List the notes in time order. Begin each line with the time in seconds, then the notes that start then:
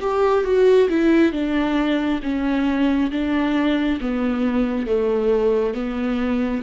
0.00 G4
0.44 F#4
0.89 E4
1.32 D4
2.22 C#4
3.11 D4
4.00 B3
4.86 A3
5.74 B3